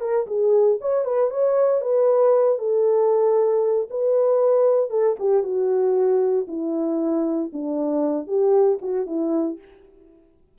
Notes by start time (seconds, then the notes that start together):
0.00 A#4
0.26 G#4
0.80 C#5
1.05 B4
1.30 C#5
1.81 B4
2.58 A4
3.90 B4
4.89 A4
5.19 G4
5.43 F#4
6.47 E4
7.52 D4
8.27 G4
8.81 F#4
9.06 E4